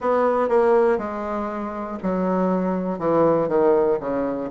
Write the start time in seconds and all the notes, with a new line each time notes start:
0.00 B3
0.48 A#3
0.97 G#3
2.02 F#3
2.99 E3
3.48 D#3
4.00 C#3